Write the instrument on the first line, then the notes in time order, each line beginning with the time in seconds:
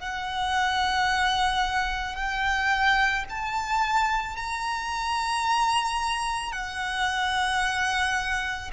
violin
0.00 F#5
2.16 G5
3.29 A5
4.37 A#5
6.53 F#5